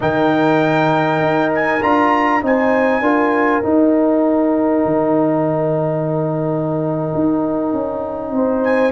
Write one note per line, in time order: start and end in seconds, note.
0.00 1.20 D#3
0.00 1.81 D#4
0.00 2.43 A#4
0.00 1.53 G5
1.20 1.81 D#4
1.54 1.82 G#5
1.82 2.42 D4
1.82 2.42 F4
1.82 2.43 A#5
2.42 3.00 C4
2.42 3.02 D#4
2.42 3.01 C5
2.42 3.64 G#5
3.00 3.61 D4
3.00 3.62 F4
3.00 8.31 A#4
3.62 8.91 D#4
3.62 4.85 D#4
3.62 8.64 G5
4.85 7.12 D#3
7.14 7.72 D#4
7.72 8.31 C#4
8.31 8.91 C4
8.31 8.91 C5
8.64 8.91 G#5